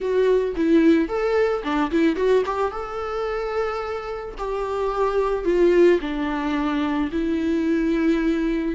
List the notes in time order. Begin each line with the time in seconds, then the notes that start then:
0.00 F#4
0.56 E4
1.08 A4
1.63 D4
1.91 E4
2.15 F#4
2.45 G4
2.71 A4
4.38 G4
5.44 F4
6.00 D4
7.11 E4